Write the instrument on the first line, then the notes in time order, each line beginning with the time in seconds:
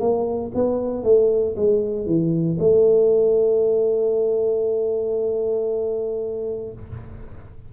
tuba
0.00 A#3
0.55 B3
1.03 A3
1.56 G#3
2.06 E3
2.59 A3